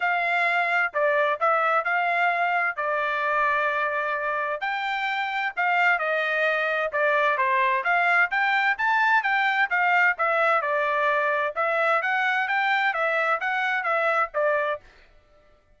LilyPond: \new Staff \with { instrumentName = "trumpet" } { \time 4/4 \tempo 4 = 130 f''2 d''4 e''4 | f''2 d''2~ | d''2 g''2 | f''4 dis''2 d''4 |
c''4 f''4 g''4 a''4 | g''4 f''4 e''4 d''4~ | d''4 e''4 fis''4 g''4 | e''4 fis''4 e''4 d''4 | }